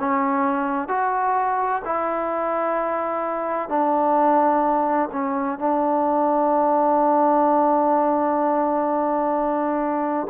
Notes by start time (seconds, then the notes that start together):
0.00 C#4
0.89 F#4
1.85 E4
3.69 D4
5.13 C#4
5.59 D4